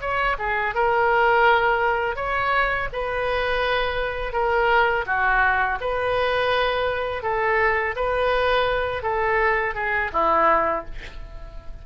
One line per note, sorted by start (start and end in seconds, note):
0.00 0.36 C#5
0.38 0.74 G#4
0.74 2.16 A#4
2.16 2.88 C#5
2.92 4.32 B4
4.32 5.05 A#4
5.06 5.78 F#4
5.80 7.23 B4
7.23 7.95 A4
7.96 9.02 B4
9.02 9.74 A4
9.74 10.10 G#4
10.12 10.84 E4